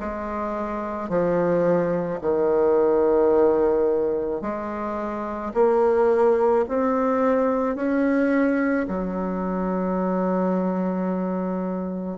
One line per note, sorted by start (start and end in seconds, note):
0.00 1.09 G#3
1.09 2.20 F3
2.21 4.41 D#3
4.41 5.53 G#3
5.54 6.65 A#3
6.68 7.76 C4
7.76 8.87 C#4
8.88 12.18 F#3